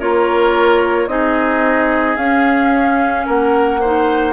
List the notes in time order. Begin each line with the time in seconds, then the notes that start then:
0.00 A#3 F4 A#4 C#5
1.07 C4 D#4 G#4 D#5
2.17 C#4 F5
3.26 A#3 A#4 F#5
3.81 D#4 C5